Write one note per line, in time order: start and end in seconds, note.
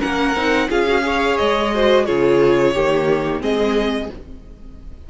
0.00 0.36 A#3
0.00 0.34 C#4
0.00 0.68 A#4
0.00 0.70 F#5
0.36 0.70 C4
0.36 0.70 D#4
0.70 1.39 C#4
0.70 0.87 F4
0.70 1.04 G#4
0.70 1.38 F5
0.88 1.02 F#4
1.02 1.70 G#4
1.02 1.75 C#5
1.38 2.09 G#3
1.38 2.06 D#5
1.74 2.07 F#4
1.74 2.06 C5
2.06 2.76 C#3
2.06 2.75 F4
2.06 2.74 G#4
2.06 3.42 C#5
2.74 3.41 D#3
2.74 3.40 A#3
2.74 3.42 G4
3.40 4.10 G#3
3.40 4.09 C4
3.40 4.10 G#4
3.40 4.11 D#5